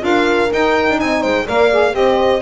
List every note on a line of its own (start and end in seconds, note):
0.00 0.51 D4
0.00 0.48 F4
0.00 0.98 A#4
0.00 0.53 F5
0.52 1.47 D#4
0.52 0.89 D#4
0.52 1.00 G5
0.90 1.01 D4
0.98 1.25 C4
0.98 1.21 D#5
0.98 1.23 G#5
1.21 1.49 G#3
1.21 1.45 C5
1.21 1.47 G5
1.47 1.94 A#3
1.47 1.71 A#4
1.47 1.95 D5
1.47 1.95 F5
1.72 1.92 G#4
1.92 2.42 C4
1.92 2.40 G4
1.92 2.42 C5
1.92 2.42 D#5